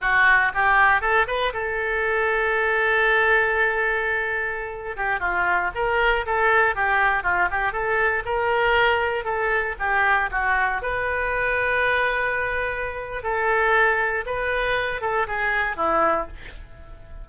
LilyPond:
\new Staff \with { instrumentName = "oboe" } { \time 4/4 \tempo 4 = 118 fis'4 g'4 a'8 b'8 a'4~ | a'1~ | a'4.~ a'16 g'8 f'4 ais'8.~ | ais'16 a'4 g'4 f'8 g'8 a'8.~ |
a'16 ais'2 a'4 g'8.~ | g'16 fis'4 b'2~ b'8.~ | b'2 a'2 | b'4. a'8 gis'4 e'4 | }